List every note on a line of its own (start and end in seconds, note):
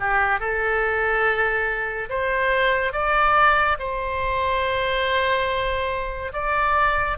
0.00 0.40 G4
0.40 2.09 A4
2.10 2.93 C5
2.93 3.77 D5
3.79 6.33 C5
6.33 7.18 D5